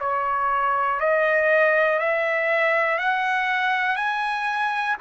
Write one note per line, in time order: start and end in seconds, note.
0.00 1.00 C#5
1.00 2.00 D#5
2.00 2.99 E5
2.99 3.96 F#5
3.96 4.96 G#5